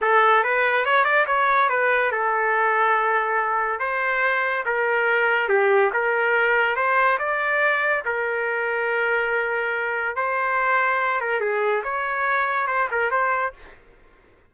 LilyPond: \new Staff \with { instrumentName = "trumpet" } { \time 4/4 \tempo 4 = 142 a'4 b'4 cis''8 d''8 cis''4 | b'4 a'2.~ | a'4 c''2 ais'4~ | ais'4 g'4 ais'2 |
c''4 d''2 ais'4~ | ais'1 | c''2~ c''8 ais'8 gis'4 | cis''2 c''8 ais'8 c''4 | }